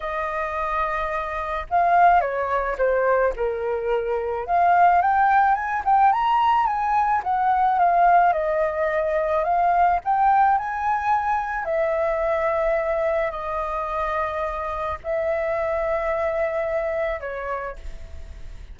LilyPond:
\new Staff \with { instrumentName = "flute" } { \time 4/4 \tempo 4 = 108 dis''2. f''4 | cis''4 c''4 ais'2 | f''4 g''4 gis''8 g''8 ais''4 | gis''4 fis''4 f''4 dis''4~ |
dis''4 f''4 g''4 gis''4~ | gis''4 e''2. | dis''2. e''4~ | e''2. cis''4 | }